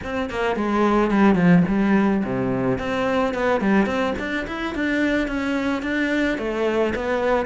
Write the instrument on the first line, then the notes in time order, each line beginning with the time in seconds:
cello
0.03 C4
0.30 A#3
0.56 G#3
1.11 G3
1.35 F3
1.68 G3
2.24 C3
2.78 C4
3.34 B3
3.60 G3
3.86 C4
4.18 D4
4.47 E4
4.74 D4
5.27 C#4
5.82 D4
6.38 A3
6.95 B3